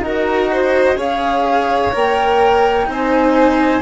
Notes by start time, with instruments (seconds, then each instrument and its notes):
0.00 bassoon D#4, cello F#4, violin A#4, flute D#5
0.53 violin C5
0.97 bassoon C#4, cello G#4, violin C#5, flute F5
1.92 bassoon A#3, cello A#4, flute G5
2.86 bassoon C4, cello D#4, violin C5, flute G#5